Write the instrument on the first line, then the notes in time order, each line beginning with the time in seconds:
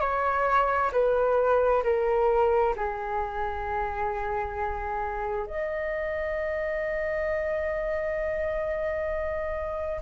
flute
0.00 C#5
0.92 B4
1.83 A#4
2.76 G#4
5.46 D#5